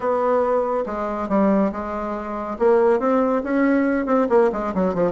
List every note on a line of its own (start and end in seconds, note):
0.00 0.84 B3
0.86 1.28 G#3
1.28 1.71 G3
1.71 2.57 G#3
2.58 2.99 A#3
2.99 3.42 C4
3.43 4.06 C#4
4.06 4.27 C4
4.29 4.50 A#3
4.52 4.73 G#3
4.74 4.94 F#3
4.94 5.11 F3